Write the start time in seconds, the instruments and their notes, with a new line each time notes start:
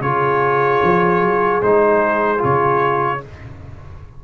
0.00 tuba C#3, trombone F4, horn G#4, trumpet C#5
0.82 tuba F3
1.21 tuba F#3
1.62 tuba G#3, trombone D#4, trumpet C5
2.37 trombone F4
2.43 tuba C#3, trumpet C#5